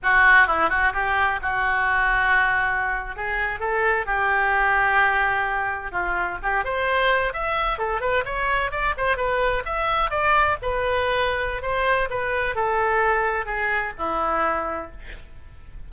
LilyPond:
\new Staff \with { instrumentName = "oboe" } { \time 4/4 \tempo 4 = 129 fis'4 e'8 fis'8 g'4 fis'4~ | fis'2~ fis'8. gis'4 a'16~ | a'8. g'2.~ g'16~ | g'8. f'4 g'8 c''4. e''16~ |
e''8. a'8 b'8 cis''4 d''8 c''8 b'16~ | b'8. e''4 d''4 b'4~ b'16~ | b'4 c''4 b'4 a'4~ | a'4 gis'4 e'2 | }